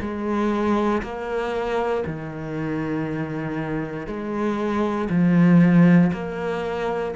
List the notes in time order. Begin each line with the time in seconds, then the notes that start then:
0.00 G#3
1.02 A#3
2.06 D#3
4.06 G#3
5.09 F3
6.12 A#3